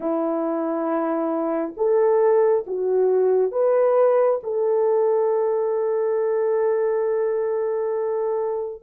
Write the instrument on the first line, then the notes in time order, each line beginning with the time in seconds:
horn
0.00 E4
1.76 A4
2.67 F#4
3.51 B4
4.43 A4